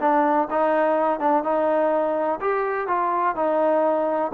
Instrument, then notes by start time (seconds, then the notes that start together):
trombone
0.00 D4
0.50 D#4
1.20 D4
1.44 D#4
2.41 G4
2.87 F4
3.36 D#4